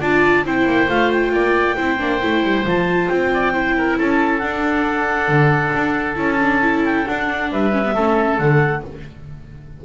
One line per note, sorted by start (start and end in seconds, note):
0.00 0.43 D4
0.00 0.44 F4
0.00 0.44 D5
0.00 0.45 A5
0.43 0.65 C4
0.43 0.88 E4
0.43 1.33 C5
0.43 0.89 G5
0.65 0.87 A#3
0.88 1.32 A3
0.88 1.76 F4
0.88 1.11 F5
1.11 2.66 G5
1.32 1.76 A#3
1.32 1.76 D5
1.76 1.99 C4
1.76 1.98 E4
1.76 3.30 C5
1.98 2.21 A#3
1.98 2.20 D4
2.21 2.43 A3
2.21 2.65 E4
2.43 2.65 G3
2.65 3.09 F3
2.65 3.53 F4
2.65 3.08 A5
3.08 3.98 C4
3.08 3.96 G5
3.33 3.52 D5
3.52 4.41 E4
3.52 3.74 C5
3.77 3.97 A#4
3.97 4.42 C#4
3.97 7.50 A4
3.97 4.38 A5
4.38 6.15 D4
4.38 5.28 D4
4.38 6.15 F#5
5.28 5.72 D3
5.74 6.16 D4
6.15 7.05 C#4
6.15 6.37 E4
6.15 6.85 A5
6.40 6.61 D4
6.61 7.06 E4
6.85 7.07 G5
7.06 7.72 D4
7.06 7.51 D4
7.06 7.51 F#5
7.51 7.95 G3
7.51 7.94 B4
7.51 8.37 E5
7.72 7.83 C#4
7.84 7.95 B3
7.94 8.39 A3
7.94 8.40 C#4
7.94 8.82 A4
8.37 8.83 D3
8.37 8.84 A3
8.37 8.82 F#5